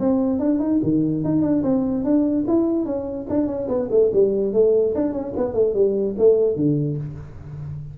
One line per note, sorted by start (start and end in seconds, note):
0.00 0.40 C4
0.40 0.59 D4
0.59 0.80 D#4
0.83 1.24 D#3
1.24 1.42 D#4
1.42 1.63 D4
1.63 2.04 C4
2.04 2.45 D4
2.48 2.86 E4
2.86 3.27 C#4
3.29 3.47 D4
3.47 3.68 C#4
3.68 3.89 B3
3.91 4.11 A3
4.13 4.53 G3
4.53 4.94 A3
4.95 5.13 D4
5.13 5.33 C#4
5.37 5.54 B3
5.54 5.74 A3
5.74 6.16 G3
6.18 6.56 A3
6.56 6.97 D3